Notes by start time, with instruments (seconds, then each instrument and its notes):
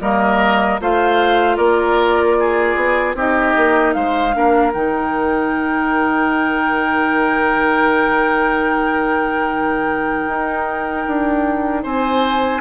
0.00 bassoon G3, clarinet A#3, oboe A#4, flute D#5
0.80 bassoon A3, clarinet F4, oboe C5, flute F5
1.56 bassoon A#3, oboe A#4, flute D5
2.39 oboe G#4
2.75 bassoon B3
3.14 bassoon C4, clarinet D#4, oboe G4, flute D#5
3.56 bassoon A#3
3.93 bassoon G#3, oboe C5, flute F5
4.33 bassoon A#3, clarinet D4, oboe A#4
4.73 bassoon D#3, clarinet D#4, flute G5
10.27 bassoon D#4
11.07 bassoon D4
11.83 bassoon C4, oboe C5, flute G#5